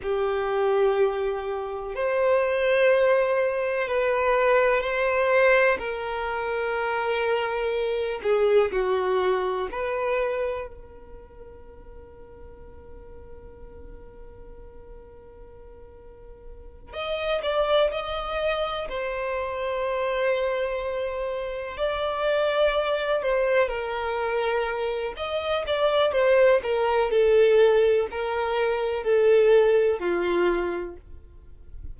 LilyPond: \new Staff \with { instrumentName = "violin" } { \time 4/4 \tempo 4 = 62 g'2 c''2 | b'4 c''4 ais'2~ | ais'8 gis'8 fis'4 b'4 ais'4~ | ais'1~ |
ais'4. dis''8 d''8 dis''4 c''8~ | c''2~ c''8 d''4. | c''8 ais'4. dis''8 d''8 c''8 ais'8 | a'4 ais'4 a'4 f'4 | }